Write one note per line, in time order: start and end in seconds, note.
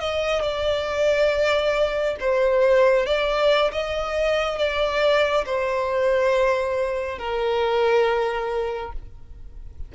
0.00 0.42 D#5
0.42 2.16 D5
2.21 3.06 C5
3.06 3.72 D5
3.72 4.58 D#5
4.58 5.45 D5
5.46 7.19 C5
7.19 8.93 A#4